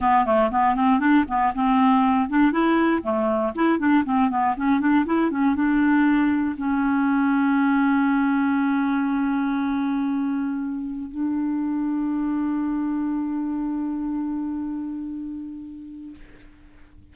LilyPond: \new Staff \with { instrumentName = "clarinet" } { \time 4/4 \tempo 4 = 119 b8 a8 b8 c'8 d'8 b8 c'4~ | c'8 d'8 e'4 a4 e'8 d'8 | c'8 b8 cis'8 d'8 e'8 cis'8 d'4~ | d'4 cis'2.~ |
cis'1~ | cis'2 d'2~ | d'1~ | d'1 | }